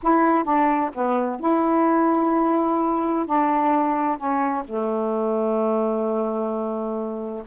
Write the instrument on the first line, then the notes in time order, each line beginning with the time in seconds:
saxophone
0.03 E4
0.44 D4
0.93 B3
1.40 E4
3.26 D4
4.17 C#4
4.64 A3